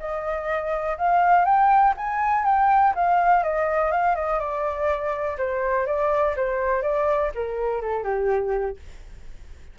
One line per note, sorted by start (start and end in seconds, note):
0.00 0.98 D#5
0.98 1.45 F5
1.45 1.94 G5
1.97 2.45 G#5
2.45 2.94 G5
2.95 3.44 F5
3.44 3.92 D#5
3.92 4.16 F5
4.16 4.40 D#5
4.40 5.37 D5
5.38 5.87 C5
5.87 6.35 D5
6.36 6.82 C5
6.82 7.31 D5
7.35 7.82 A#4
7.82 8.04 A4
8.04 8.77 G4